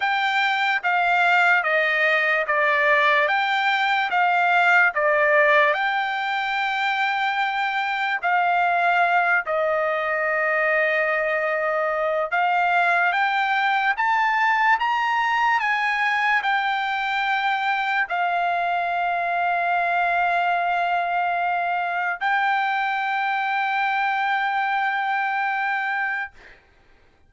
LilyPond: \new Staff \with { instrumentName = "trumpet" } { \time 4/4 \tempo 4 = 73 g''4 f''4 dis''4 d''4 | g''4 f''4 d''4 g''4~ | g''2 f''4. dis''8~ | dis''2. f''4 |
g''4 a''4 ais''4 gis''4 | g''2 f''2~ | f''2. g''4~ | g''1 | }